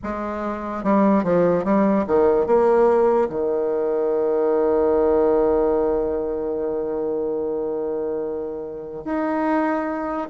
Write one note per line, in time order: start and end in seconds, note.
0.03 0.83 G#3
0.83 1.23 G3
1.23 1.64 F3
1.64 2.05 G3
2.07 2.46 D#3
2.46 3.28 A#3
3.29 9.04 D#3
9.04 10.27 D#4